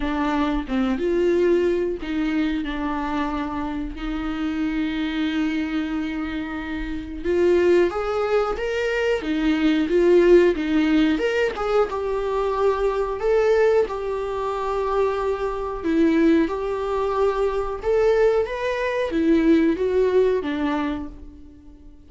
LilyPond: \new Staff \with { instrumentName = "viola" } { \time 4/4 \tempo 4 = 91 d'4 c'8 f'4. dis'4 | d'2 dis'2~ | dis'2. f'4 | gis'4 ais'4 dis'4 f'4 |
dis'4 ais'8 gis'8 g'2 | a'4 g'2. | e'4 g'2 a'4 | b'4 e'4 fis'4 d'4 | }